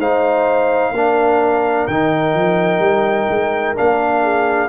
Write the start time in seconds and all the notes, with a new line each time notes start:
0.00 G#3 D#4 C5 F5
0.93 A#3 D4 A#4
1.88 D#3 D#4 G5
2.35 F3
2.80 G3
3.30 G#3
3.76 A#3 D4 F5
4.23 G#4